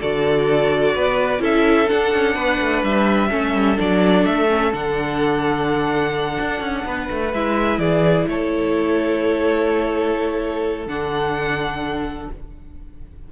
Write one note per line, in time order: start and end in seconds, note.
0.00 0.96 D3
0.00 1.40 F#4
0.00 0.94 A4
0.00 1.43 D5
0.95 1.40 B3
0.95 1.42 B4
1.40 1.87 C#4
1.40 1.87 E4
1.40 2.35 A4
1.40 1.89 E5
1.88 3.29 D4
1.88 2.14 D4
1.88 2.84 F#5
2.14 2.36 C#4
2.35 2.60 B3
2.35 3.29 B4
2.61 2.83 A3
2.83 3.31 G3
2.83 3.79 E5
3.30 3.54 A3
3.30 3.76 C#4
3.30 6.85 A4
3.54 3.78 G3
3.76 4.26 F#3
3.76 4.47 D4
3.76 4.26 D5
4.26 4.73 A3
4.26 4.73 E5
4.49 4.73 C#4
4.73 6.39 D3
4.73 7.33 D4
4.73 7.34 F#5
6.40 6.61 D4
6.61 6.84 C#4
6.85 7.09 B3
6.85 7.80 B4
7.11 7.34 A3
7.34 7.79 G#3
7.34 10.88 E4
7.34 7.79 E5
7.79 8.26 E3
7.79 8.27 G#4
7.79 8.26 D5
8.28 10.87 A3
8.28 12.33 A4
8.28 10.88 C#5
10.87 12.29 D3
10.87 12.30 D4
10.87 12.30 F#5